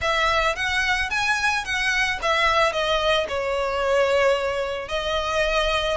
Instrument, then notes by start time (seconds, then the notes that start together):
violin
0.01 E5
0.55 F#5
1.10 G#5
1.64 F#5
2.21 E5
2.72 D#5
3.28 C#5
4.88 D#5